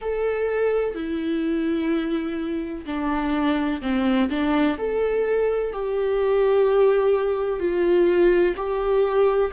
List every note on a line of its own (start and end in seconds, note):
0.01 0.94 A4
0.94 2.85 E4
2.86 3.81 D4
3.81 4.29 C4
4.29 4.77 D4
4.77 5.72 A4
5.72 7.59 G4
7.59 8.55 F4
8.56 9.51 G4